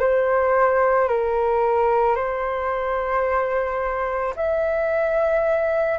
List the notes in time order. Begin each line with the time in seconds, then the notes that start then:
0.00 C5
1.09 A#4
2.16 C5
4.36 E5